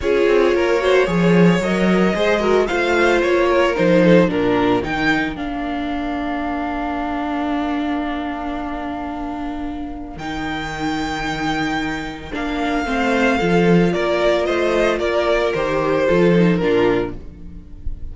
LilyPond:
<<
  \new Staff \with { instrumentName = "violin" } { \time 4/4 \tempo 4 = 112 cis''2. dis''4~ | dis''4 f''4 cis''4 c''4 | ais'4 g''4 f''2~ | f''1~ |
f''2. g''4~ | g''2. f''4~ | f''2 d''4 dis''4 | d''4 c''2 ais'4 | }
  \new Staff \with { instrumentName = "violin" } { \time 4/4 gis'4 ais'8 c''8 cis''2 | c''8 ais'8 c''4. ais'4 a'8 | ais'1~ | ais'1~ |
ais'1~ | ais'1 | c''4 a'4 ais'4 c''4 | ais'2 a'4 f'4 | }
  \new Staff \with { instrumentName = "viola" } { \time 4/4 f'4. fis'8 gis'4 ais'4 | gis'8 fis'8 f'2 dis'4 | d'4 dis'4 d'2~ | d'1~ |
d'2. dis'4~ | dis'2. d'4 | c'4 f'2.~ | f'4 g'4 f'8 dis'8 d'4 | }
  \new Staff \with { instrumentName = "cello" } { \time 4/4 cis'8 c'8 ais4 f4 fis4 | gis4 a4 ais4 f4 | ais,4 dis4 ais2~ | ais1~ |
ais2. dis4~ | dis2. ais4 | a4 f4 ais4 a4 | ais4 dis4 f4 ais,4 | }
>>